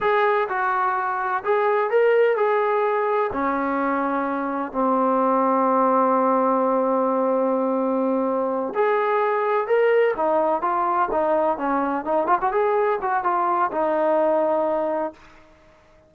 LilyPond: \new Staff \with { instrumentName = "trombone" } { \time 4/4 \tempo 4 = 127 gis'4 fis'2 gis'4 | ais'4 gis'2 cis'4~ | cis'2 c'2~ | c'1~ |
c'2~ c'8 gis'4.~ | gis'8 ais'4 dis'4 f'4 dis'8~ | dis'8 cis'4 dis'8 f'16 fis'16 gis'4 fis'8 | f'4 dis'2. | }